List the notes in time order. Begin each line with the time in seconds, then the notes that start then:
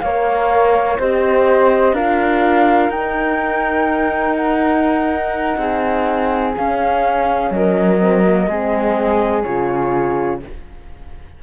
0.00 A#3 A#4 C#5 F5
0.99 C4 G4 C5 D#5
1.92 D4 F4 A#4 F5
2.89 D#4 G5
4.35 F#5
5.57 C4 G#4
6.55 C#4 F5
7.50 F#3 A#4 D#5
7.99 C4
8.24 A#3
8.47 G#3 C4 G#4
9.42 C#3 F4 C#5